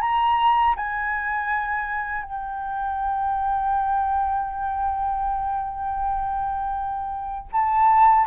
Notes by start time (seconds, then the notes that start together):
0.00 A#5
0.76 G#5
2.23 G5
7.52 A5